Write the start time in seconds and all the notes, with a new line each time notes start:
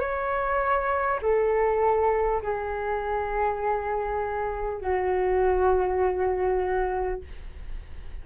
0.00 C#5
1.23 A4
2.43 G#4
4.82 F#4